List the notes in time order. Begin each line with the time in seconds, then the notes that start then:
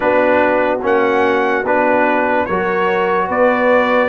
0.00 B3 D4 F#4 B4
0.82 A#3 C#4 F#5
1.63 B3 D4 B4
2.45 F#3 F#4 A#4 C#5
3.27 B3 B4 D5